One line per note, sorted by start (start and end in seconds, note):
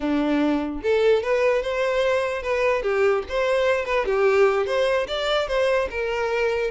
0.00 0.81 D4
0.82 1.22 A4
1.22 1.62 B4
1.62 2.42 C5
2.42 2.82 B4
2.82 3.23 G4
3.28 3.85 C5
3.85 4.05 B4
4.05 4.66 G4
4.66 5.06 C5
5.07 5.47 D5
5.47 5.88 C5
5.90 6.70 A#4